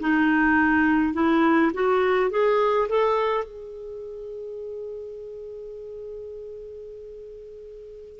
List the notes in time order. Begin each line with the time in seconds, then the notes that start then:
0.00 D#4
1.14 E4
1.74 F#4
2.30 G#4
2.89 A4
3.45 G#4